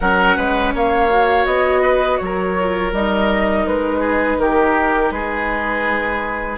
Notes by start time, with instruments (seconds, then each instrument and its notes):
0.00 bassoon F#3, viola C#4, oboe A#4, flute F#5
0.36 bassoon G#3, oboe B4
0.74 bassoon A#3, oboe C#5, flute F5
1.10 viola F#4
1.45 bassoon B3, flute D#5
1.81 oboe B4
2.17 bassoon F#3, flute C#5
2.24 oboe A#4
2.60 viola F4
2.93 bassoon G3, viola D#4, flute D#5
3.66 bassoon G#3, flute B4
4.00 oboe G#4
4.36 bassoon D#3, oboe G4, flute A#4
5.10 bassoon G#3, oboe G#4, flute B4